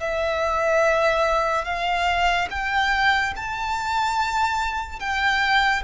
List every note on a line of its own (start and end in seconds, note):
0.00 1.65 E5
1.65 2.48 F5
2.50 3.33 G5
3.36 4.99 A5
4.99 5.83 G5